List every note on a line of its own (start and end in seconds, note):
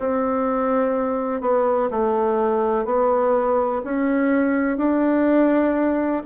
0.00 1.42 C4
1.42 1.90 B3
1.91 2.85 A3
2.85 3.82 B3
3.84 4.78 C#4
4.78 6.23 D4